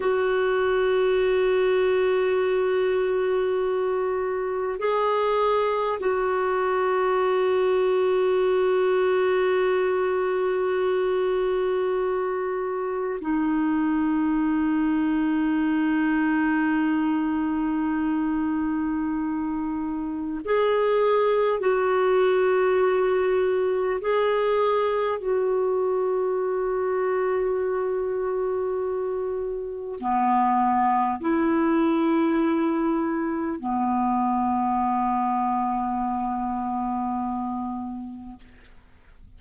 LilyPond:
\new Staff \with { instrumentName = "clarinet" } { \time 4/4 \tempo 4 = 50 fis'1 | gis'4 fis'2.~ | fis'2. dis'4~ | dis'1~ |
dis'4 gis'4 fis'2 | gis'4 fis'2.~ | fis'4 b4 e'2 | b1 | }